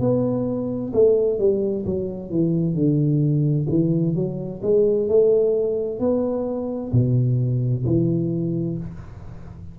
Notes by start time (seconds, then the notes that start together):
0.00 B3
0.93 A3
1.39 G3
1.85 F#3
2.30 E3
2.75 D3
3.69 E3
4.15 F#3
4.62 G#3
5.08 A3
6.00 B3
6.92 B2
7.85 E3